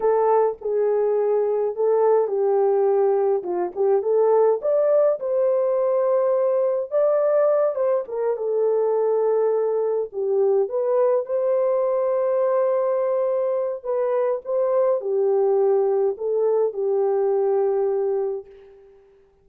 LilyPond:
\new Staff \with { instrumentName = "horn" } { \time 4/4 \tempo 4 = 104 a'4 gis'2 a'4 | g'2 f'8 g'8 a'4 | d''4 c''2. | d''4. c''8 ais'8 a'4.~ |
a'4. g'4 b'4 c''8~ | c''1 | b'4 c''4 g'2 | a'4 g'2. | }